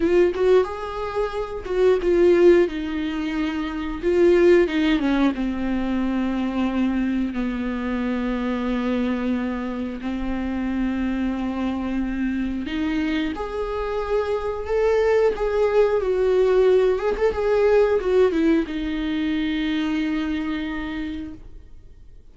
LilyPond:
\new Staff \with { instrumentName = "viola" } { \time 4/4 \tempo 4 = 90 f'8 fis'8 gis'4. fis'8 f'4 | dis'2 f'4 dis'8 cis'8 | c'2. b4~ | b2. c'4~ |
c'2. dis'4 | gis'2 a'4 gis'4 | fis'4. gis'16 a'16 gis'4 fis'8 e'8 | dis'1 | }